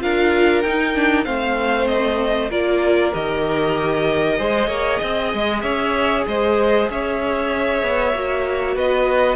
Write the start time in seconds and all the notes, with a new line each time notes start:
0.00 D4 F4 A#4 F5
0.61 D#4 G5
0.95 D4
1.23 A3 C4 C5 F5
1.87 D#5
2.49 A#3 F4 A#4 D5
3.13 D#3 G4 D#5
4.38 G#3 G#4 C5
4.67 A#3 C#5
4.99 C4 D#5
5.34 G#3
5.60 C#4 C#5 E5
6.26 G#3 C5 D#5
6.90 C#4 C#5 E5
7.82 B3
8.14 A#3 F#4
8.75 B3 B4 D#5